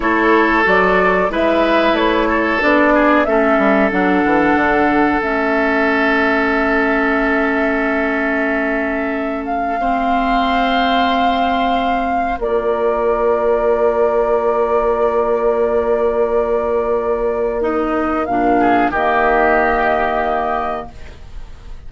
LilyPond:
<<
  \new Staff \with { instrumentName = "flute" } { \time 4/4 \tempo 4 = 92 cis''4 d''4 e''4 cis''4 | d''4 e''4 fis''2 | e''1~ | e''2~ e''8 f''4.~ |
f''2. d''4~ | d''1~ | d''2. dis''4 | f''4 dis''2. | }
  \new Staff \with { instrumentName = "oboe" } { \time 4/4 a'2 b'4. a'8~ | a'8 gis'8 a'2.~ | a'1~ | a'2. c''4~ |
c''2. ais'4~ | ais'1~ | ais'1~ | ais'8 gis'8 g'2. | }
  \new Staff \with { instrumentName = "clarinet" } { \time 4/4 e'4 fis'4 e'2 | d'4 cis'4 d'2 | cis'1~ | cis'2. c'4~ |
c'2. f'4~ | f'1~ | f'2. dis'4 | d'4 ais2. | }
  \new Staff \with { instrumentName = "bassoon" } { \time 4/4 a4 fis4 gis4 a4 | b4 a8 g8 fis8 e8 d4 | a1~ | a1~ |
a2. ais4~ | ais1~ | ais1 | ais,4 dis2. | }
>>